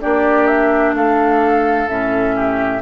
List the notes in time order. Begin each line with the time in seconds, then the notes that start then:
0.00 A#3 D4 G4 D5
0.46 E5
0.93 A3 A4 F5
1.87 A2 C#4 E5
2.35 G4